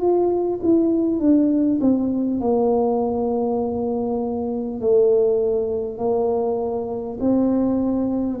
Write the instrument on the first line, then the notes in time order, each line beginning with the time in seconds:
tuba
0.00 F4
0.63 E4
1.19 D4
1.80 C4
2.40 A#3
4.80 A3
5.98 A#3
7.19 C4